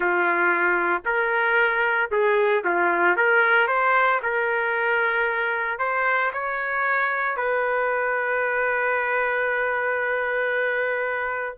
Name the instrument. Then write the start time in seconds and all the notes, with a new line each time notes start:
trumpet
0.00 F4
1.05 A#4
2.11 G#4
2.64 F4
3.16 A#4
3.67 C5
4.22 A#4
5.78 C5
6.33 C#5
7.37 B4